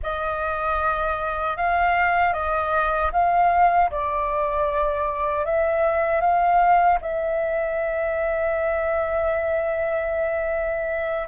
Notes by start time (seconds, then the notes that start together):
0.02 D#5
1.57 F5
2.33 D#5
3.12 F5
3.90 D5
5.45 E5
6.20 F5
7.01 E5